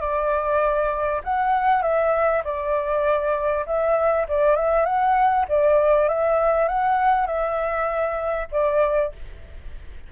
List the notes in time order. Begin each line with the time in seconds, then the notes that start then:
0.00 D5
1.24 F#5
1.82 E5
2.44 D5
3.66 E5
4.28 D5
4.56 E5
4.85 F#5
5.48 D5
6.09 E5
6.68 F#5
7.27 E5
8.52 D5